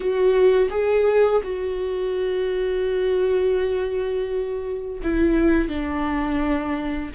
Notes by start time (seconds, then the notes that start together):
0.00 F#4
0.69 G#4
1.43 F#4
5.03 E4
5.68 D4